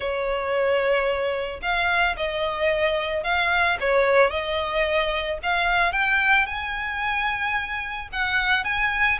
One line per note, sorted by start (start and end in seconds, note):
0.00 1.60 C#5
1.61 2.15 F5
2.16 3.23 D#5
3.23 3.77 F5
3.80 4.30 C#5
4.30 5.38 D#5
5.42 5.92 F5
5.92 6.46 G5
6.46 8.08 G#5
8.12 8.64 F#5
8.64 9.18 G#5